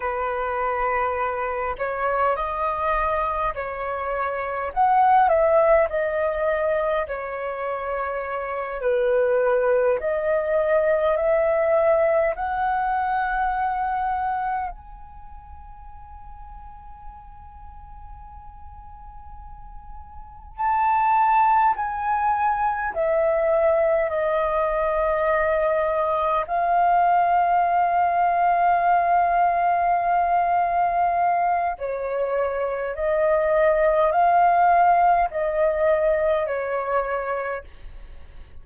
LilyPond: \new Staff \with { instrumentName = "flute" } { \time 4/4 \tempo 4 = 51 b'4. cis''8 dis''4 cis''4 | fis''8 e''8 dis''4 cis''4. b'8~ | b'8 dis''4 e''4 fis''4.~ | fis''8 gis''2.~ gis''8~ |
gis''4. a''4 gis''4 e''8~ | e''8 dis''2 f''4.~ | f''2. cis''4 | dis''4 f''4 dis''4 cis''4 | }